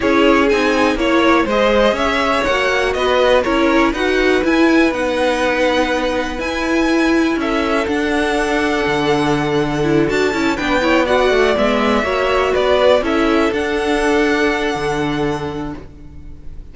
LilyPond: <<
  \new Staff \with { instrumentName = "violin" } { \time 4/4 \tempo 4 = 122 cis''4 gis''4 cis''4 dis''4 | e''4 fis''4 dis''4 cis''4 | fis''4 gis''4 fis''2~ | fis''4 gis''2 e''4 |
fis''1~ | fis''8 a''4 g''4 fis''4 e''8~ | e''4. d''4 e''4 fis''8~ | fis''1 | }
  \new Staff \with { instrumentName = "violin" } { \time 4/4 gis'2 cis''4 c''4 | cis''2 b'4 ais'4 | b'1~ | b'2. a'4~ |
a'1~ | a'4. b'8 cis''8 d''4.~ | d''8 cis''4 b'4 a'4.~ | a'1 | }
  \new Staff \with { instrumentName = "viola" } { \time 4/4 e'4 dis'4 e'4 gis'4~ | gis'4 fis'2 e'4 | fis'4 e'4 dis'2~ | dis'4 e'2. |
d'1 | e'8 fis'8 e'8 d'8 e'8 fis'4 b8~ | b8 fis'2 e'4 d'8~ | d'1 | }
  \new Staff \with { instrumentName = "cello" } { \time 4/4 cis'4 c'4 ais4 gis4 | cis'4 ais4 b4 cis'4 | dis'4 e'4 b2~ | b4 e'2 cis'4 |
d'2 d2~ | d8 d'8 cis'8 b4. a8 gis8~ | gis8 ais4 b4 cis'4 d'8~ | d'2 d2 | }
>>